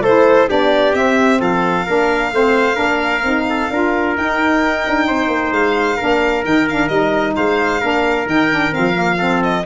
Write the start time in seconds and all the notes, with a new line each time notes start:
0.00 A3 E4 A4 C5
0.48 B3 D4 G4 D5
0.94 C4 E5
1.40 F3 A4 F5
1.85 A#3 D4 A#4
2.32 A3 C4 C5
2.74 A#3 D4 A#4
3.23 C4 D#4
3.49 A4
3.70 D4 F4 A#4
4.16 D#4 G5
4.87 D4
5.07 C4 C5
5.27 A#3
5.51 G#3 F5
5.96 A#3 D4 A#4
6.44 D#3 D#4 G5
6.69 D4 F5
6.88 G3 D#4 D#5
7.35 G#3 C5 F5
7.80 A#3 D4 A#4
8.26 D#3 D#4 G5
8.50 D4
8.72 F3 C4 F5
8.93 A#3
9.18 C4 A4
9.43 D#5